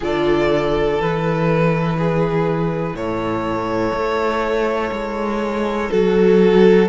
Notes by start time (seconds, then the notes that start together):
0.00 D3 F4 A4 D5
0.99 E3 E4 B4
1.98 G#4
2.93 A2 A4 C#5
3.92 A3
4.91 G#3
5.90 F#3 F#4 A4